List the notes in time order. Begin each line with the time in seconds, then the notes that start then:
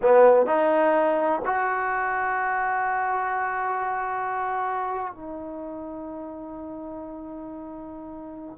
0.02 B3
0.46 D#4
1.45 F#4
5.14 D#4